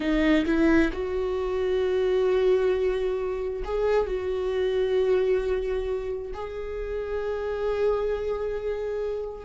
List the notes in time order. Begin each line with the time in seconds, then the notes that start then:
0.00 D#4
0.45 E4
0.92 F#4
3.64 G#4
4.06 F#4
6.33 G#4